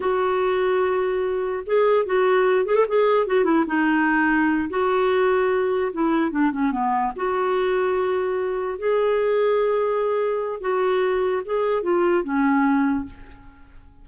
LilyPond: \new Staff \with { instrumentName = "clarinet" } { \time 4/4 \tempo 4 = 147 fis'1 | gis'4 fis'4. gis'16 a'16 gis'4 | fis'8 e'8 dis'2~ dis'8 fis'8~ | fis'2~ fis'8 e'4 d'8 |
cis'8 b4 fis'2~ fis'8~ | fis'4. gis'2~ gis'8~ | gis'2 fis'2 | gis'4 f'4 cis'2 | }